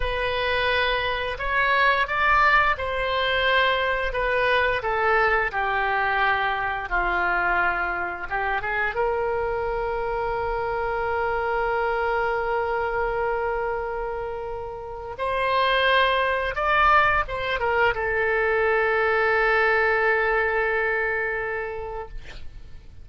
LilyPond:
\new Staff \with { instrumentName = "oboe" } { \time 4/4 \tempo 4 = 87 b'2 cis''4 d''4 | c''2 b'4 a'4 | g'2 f'2 | g'8 gis'8 ais'2.~ |
ais'1~ | ais'2 c''2 | d''4 c''8 ais'8 a'2~ | a'1 | }